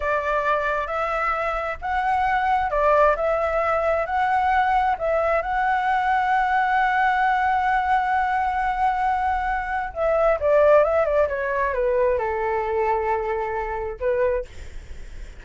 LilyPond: \new Staff \with { instrumentName = "flute" } { \time 4/4 \tempo 4 = 133 d''2 e''2 | fis''2 d''4 e''4~ | e''4 fis''2 e''4 | fis''1~ |
fis''1~ | fis''2 e''4 d''4 | e''8 d''8 cis''4 b'4 a'4~ | a'2. b'4 | }